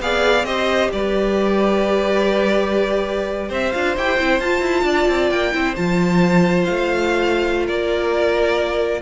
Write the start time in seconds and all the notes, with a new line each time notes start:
0.00 B3 G#4 D5 F5
0.43 C4 G4 C5 D#5
0.92 G3 B4 D5
3.48 C4 C5 E5
3.72 D4 F4 F5
3.96 E4 G4 G5
4.18 C4 E4
4.39 F4 A5
4.60 E4
4.83 D4 D5
5.08 C4
5.30 A#3 G5
5.52 C4 E4 C5
5.76 F3 F4 A5
6.64 A3 F5
7.65 A#3 A#4 D5